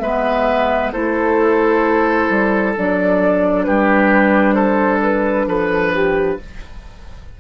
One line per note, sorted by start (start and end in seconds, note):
0.00 0.92 G#3
0.00 0.93 B3
0.00 0.93 B4
0.00 0.91 E5
0.92 2.29 A3
0.92 2.75 E4
0.92 3.65 A4
0.92 2.74 C5
2.29 2.75 G3
2.76 3.67 F#3
2.76 6.40 D4
2.76 3.64 D5
3.64 5.47 G3
3.64 4.55 G4
3.64 4.53 B4
4.53 5.46 A4
4.53 4.99 C5
5.02 5.47 B4
5.47 6.37 F3
5.47 5.93 A4
5.47 6.39 B4
5.93 6.39 G4